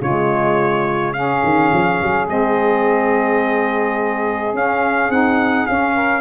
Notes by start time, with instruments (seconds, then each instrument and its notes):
0.00 tuba C#3, saxophone G#3 F4, trumpet C#5
1.13 saxophone C#4 G#4, trumpet F5
1.44 tuba D#3
1.73 tuba F3
2.02 tuba F#3
2.27 tuba G#3, saxophone C4, trumpet D#5
4.54 tuba C#4, saxophone C#4, trumpet F5
5.10 tuba C4, saxophone D#4, trumpet F#5
5.66 saxophone C#4, tuba C#4, trumpet F5
5.94 saxophone A#4